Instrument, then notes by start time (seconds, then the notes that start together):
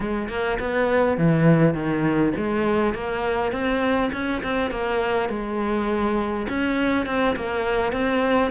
cello
0.00 G#3
0.29 A#3
0.59 B3
1.17 E3
1.74 D#3
2.37 G#3
2.94 A#3
3.52 C4
4.12 C#4
4.43 C4
4.70 A#3
5.29 G#3
6.48 C#4
7.06 C4
7.36 A#3
7.92 C4